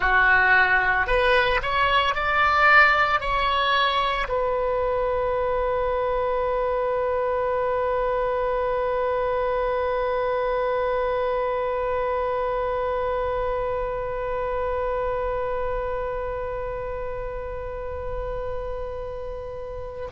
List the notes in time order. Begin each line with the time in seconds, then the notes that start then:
0.00 F#4
1.07 B4
1.62 C#5
2.14 D5
3.20 C#5
4.28 B4